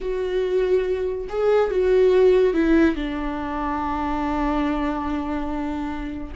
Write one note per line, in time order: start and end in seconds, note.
0.00 1.27 F#4
1.29 1.70 G#4
1.70 2.53 F#4
2.53 2.95 E4
2.95 6.33 D4